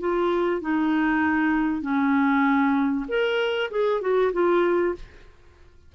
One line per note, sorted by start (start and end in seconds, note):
0.00 0.61 F4
0.61 1.82 D#4
1.82 3.05 C#4
3.08 3.70 A#4
3.71 4.01 G#4
4.01 4.32 F#4
4.33 4.95 F4